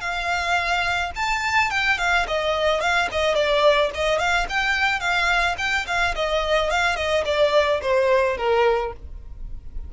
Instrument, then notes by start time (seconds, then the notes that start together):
violin
0.00 F5
1.15 A5
1.70 G5
1.98 F5
2.27 D#5
2.81 F5
3.11 D#5
3.34 D5
3.94 D#5
4.18 F5
4.49 G5
5.00 F5
5.58 G5
5.87 F5
6.15 D#5
6.70 F5
6.96 D#5
7.25 D5
7.82 C5
8.37 A#4